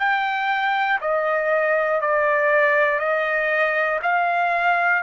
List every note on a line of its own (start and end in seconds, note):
0.00 1.00 G5
1.02 2.02 D#5
2.02 3.00 D5
3.00 4.00 D#5
4.03 5.03 F5